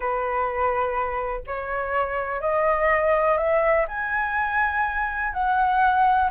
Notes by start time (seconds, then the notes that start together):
0.00 B4
1.46 C#5
2.40 D#5
3.37 E5
3.88 G#5
5.33 F#5